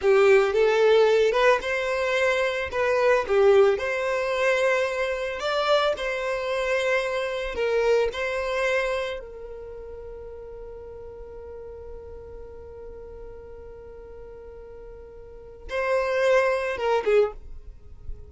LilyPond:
\new Staff \with { instrumentName = "violin" } { \time 4/4 \tempo 4 = 111 g'4 a'4. b'8 c''4~ | c''4 b'4 g'4 c''4~ | c''2 d''4 c''4~ | c''2 ais'4 c''4~ |
c''4 ais'2.~ | ais'1~ | ais'1~ | ais'4 c''2 ais'8 gis'8 | }